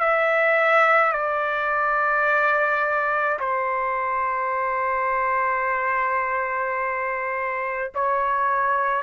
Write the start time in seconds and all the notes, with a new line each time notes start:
0.00 E5
1.12 D5
3.40 C5
7.95 C#5